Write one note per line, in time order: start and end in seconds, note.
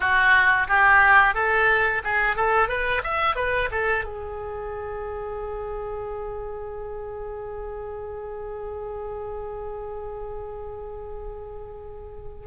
0.00 0.67 F#4
0.67 1.34 G4
1.34 2.02 A4
2.03 2.36 G#4
2.36 2.68 A4
2.68 3.02 B4
3.03 3.35 E5
3.35 3.69 B4
3.71 4.04 A4
4.04 12.47 G#4